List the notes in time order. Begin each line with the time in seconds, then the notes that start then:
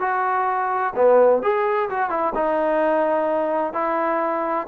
0.00 F#4
0.96 B3
1.42 G#4
1.90 F#4
2.10 E4
2.35 D#4
3.74 E4